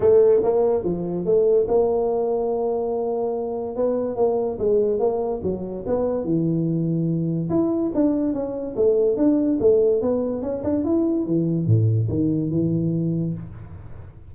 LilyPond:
\new Staff \with { instrumentName = "tuba" } { \time 4/4 \tempo 4 = 144 a4 ais4 f4 a4 | ais1~ | ais4 b4 ais4 gis4 | ais4 fis4 b4 e4~ |
e2 e'4 d'4 | cis'4 a4 d'4 a4 | b4 cis'8 d'8 e'4 e4 | a,4 dis4 e2 | }